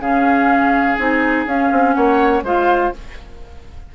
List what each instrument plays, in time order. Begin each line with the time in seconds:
0.00 bassoon C#3, clarinet C#4, oboe G#4, flute F5
0.95 bassoon C4, clarinet D#4, flute G#5
1.46 bassoon C#4, clarinet C#4, flute F5
1.72 bassoon C4
1.94 bassoon A#3, oboe C#5, flute F#5
2.43 bassoon G#3, clarinet F4, oboe C5, flute F5